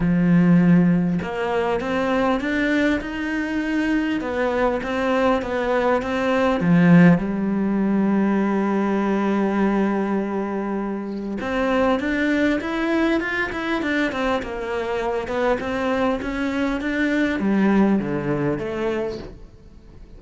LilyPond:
\new Staff \with { instrumentName = "cello" } { \time 4/4 \tempo 4 = 100 f2 ais4 c'4 | d'4 dis'2 b4 | c'4 b4 c'4 f4 | g1~ |
g2. c'4 | d'4 e'4 f'8 e'8 d'8 c'8 | ais4. b8 c'4 cis'4 | d'4 g4 d4 a4 | }